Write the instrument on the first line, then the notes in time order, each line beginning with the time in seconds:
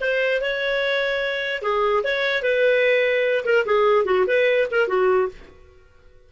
clarinet
0.00 C5
0.41 C#5
1.62 G#4
2.03 C#5
2.42 B4
3.45 A#4
3.65 G#4
4.05 F#4
4.27 B4
4.71 A#4
4.87 F#4